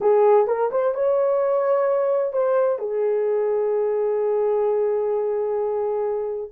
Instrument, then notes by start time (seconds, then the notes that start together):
horn
0.00 G#4
0.47 A#4
0.71 C5
0.94 C#5
2.32 C5
2.78 G#4